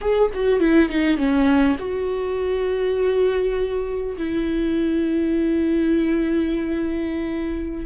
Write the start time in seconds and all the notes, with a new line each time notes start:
0.01 G#4
0.33 F#4
0.59 E4
0.89 D#4
1.17 C#4
1.78 F#4
4.17 E4